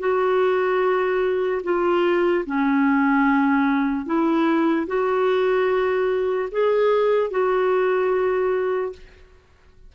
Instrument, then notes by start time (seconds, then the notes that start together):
clarinet
0.00 F#4
1.64 F4
2.46 C#4
4.06 E4
4.87 F#4
6.52 G#4
7.31 F#4